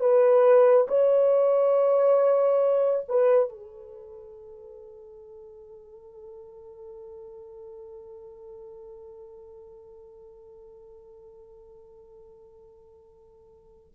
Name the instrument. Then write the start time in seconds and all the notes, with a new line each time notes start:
horn
0.00 B4
0.88 C#5
3.08 B4
3.49 A4